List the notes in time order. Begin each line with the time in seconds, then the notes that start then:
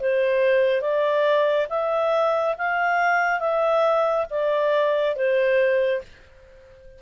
0.00 C5
0.81 D5
1.70 E5
2.58 F5
3.40 E5
4.30 D5
5.16 C5